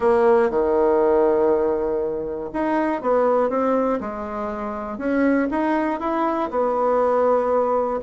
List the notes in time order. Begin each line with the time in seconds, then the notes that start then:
0.00 A#3
0.50 D#3
2.52 D#4
3.01 B3
3.49 C4
4.00 G#3
4.97 C#4
5.50 D#4
6.00 E4
6.50 B3